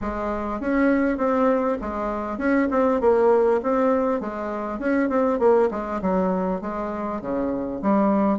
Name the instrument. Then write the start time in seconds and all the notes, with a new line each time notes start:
bassoon
0.01 G#3
0.60 C#4
1.17 C4
1.81 G#3
2.38 C#4
2.70 C4
3.01 A#3
3.62 C4
4.20 G#3
4.79 C#4
5.09 C4
5.39 A#3
5.70 G#3
6.01 F#3
6.61 G#3
7.21 C#3
7.82 G3